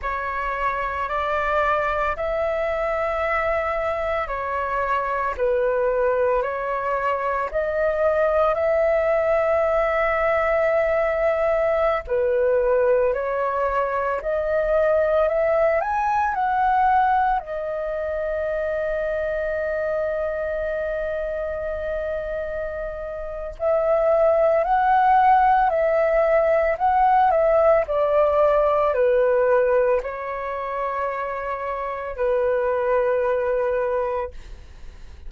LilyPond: \new Staff \with { instrumentName = "flute" } { \time 4/4 \tempo 4 = 56 cis''4 d''4 e''2 | cis''4 b'4 cis''4 dis''4 | e''2.~ e''16 b'8.~ | b'16 cis''4 dis''4 e''8 gis''8 fis''8.~ |
fis''16 dis''2.~ dis''8.~ | dis''2 e''4 fis''4 | e''4 fis''8 e''8 d''4 b'4 | cis''2 b'2 | }